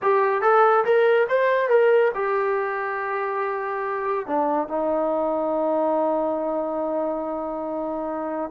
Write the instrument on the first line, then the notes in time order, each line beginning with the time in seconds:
trombone
0.02 G4
0.41 A4
0.84 A#4
1.28 C5
1.69 A#4
2.14 G4
4.26 D4
4.68 D#4